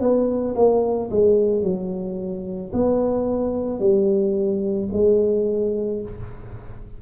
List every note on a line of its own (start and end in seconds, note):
0.00 0.55 B3
0.55 1.09 A#3
1.11 1.62 G#3
1.62 2.71 F#3
2.73 3.79 B3
3.79 4.88 G3
4.92 6.01 G#3